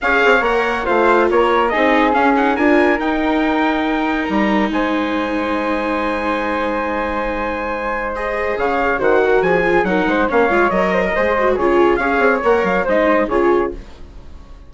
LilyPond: <<
  \new Staff \with { instrumentName = "trumpet" } { \time 4/4 \tempo 4 = 140 f''4 fis''4 f''4 cis''4 | dis''4 f''8 fis''8 gis''4 g''4~ | g''2 ais''4 gis''4~ | gis''1~ |
gis''2. dis''4 | f''4 fis''4 gis''4 fis''4 | f''4 dis''2 cis''4 | f''4 fis''8 f''8 dis''4 cis''4 | }
  \new Staff \with { instrumentName = "flute" } { \time 4/4 cis''2 c''4 ais'4 | gis'2 ais'2~ | ais'2. c''4~ | c''1~ |
c''1 | cis''4 c''8 ais'8 gis'4 ais'8 c''8 | cis''4. c''16 ais'16 c''4 gis'4 | cis''2 c''4 gis'4 | }
  \new Staff \with { instrumentName = "viola" } { \time 4/4 gis'4 ais'4 f'2 | dis'4 cis'8 dis'8 f'4 dis'4~ | dis'1~ | dis'1~ |
dis'2. gis'4~ | gis'4 fis'4. f'8 dis'4 | cis'8 f'8 ais'4 gis'8 fis'8 f'4 | gis'4 ais'4 dis'4 f'4 | }
  \new Staff \with { instrumentName = "bassoon" } { \time 4/4 cis'8 c'8 ais4 a4 ais4 | c'4 cis'4 d'4 dis'4~ | dis'2 g4 gis4~ | gis1~ |
gis1 | cis4 dis4 f4 fis8 gis8 | ais8 gis8 fis4 gis4 cis4 | cis'8 c'8 ais8 fis8 gis4 cis4 | }
>>